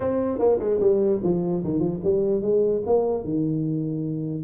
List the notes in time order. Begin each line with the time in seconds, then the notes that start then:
0.00 C4
0.38 A#3
0.59 G#3
0.80 G3
1.23 F3
1.63 D#3
1.79 F3
2.03 G3
2.41 G#3
2.86 A#3
3.24 D#3